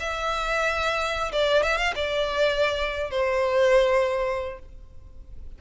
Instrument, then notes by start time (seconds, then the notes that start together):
violin
0.00 E5
1.32 D5
1.63 E5
1.77 F5
1.95 D5
3.11 C5